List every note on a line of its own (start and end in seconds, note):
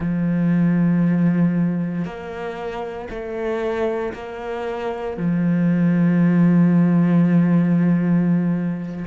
0.00 2.05 F3
2.05 3.08 A#3
3.09 4.13 A3
4.13 5.17 A#3
5.17 9.05 F3